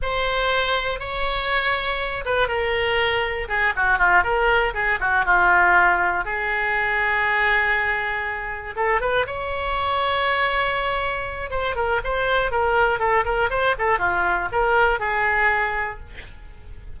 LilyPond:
\new Staff \with { instrumentName = "oboe" } { \time 4/4 \tempo 4 = 120 c''2 cis''2~ | cis''8 b'8 ais'2 gis'8 fis'8 | f'8 ais'4 gis'8 fis'8 f'4.~ | f'8 gis'2.~ gis'8~ |
gis'4. a'8 b'8 cis''4.~ | cis''2. c''8 ais'8 | c''4 ais'4 a'8 ais'8 c''8 a'8 | f'4 ais'4 gis'2 | }